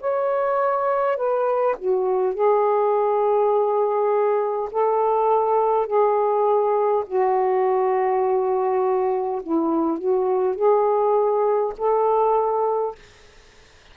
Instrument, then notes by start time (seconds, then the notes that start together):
saxophone
0.00 C#5
1.17 B4
1.79 F#4
2.34 G#4
4.71 A4
5.87 G#4
7.06 F#4
9.42 E4
9.98 F#4
10.55 G#4
11.78 A4